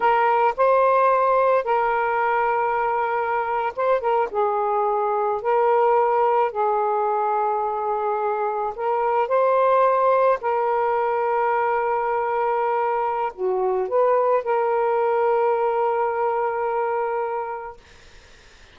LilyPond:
\new Staff \with { instrumentName = "saxophone" } { \time 4/4 \tempo 4 = 108 ais'4 c''2 ais'4~ | ais'2~ ais'8. c''8 ais'8 gis'16~ | gis'4.~ gis'16 ais'2 gis'16~ | gis'2.~ gis'8. ais'16~ |
ais'8. c''2 ais'4~ ais'16~ | ais'1 | fis'4 b'4 ais'2~ | ais'1 | }